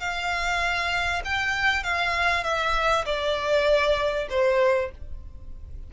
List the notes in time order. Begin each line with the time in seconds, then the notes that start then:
0.00 F5
1.25 G5
1.84 F5
2.44 E5
3.06 D5
4.30 C5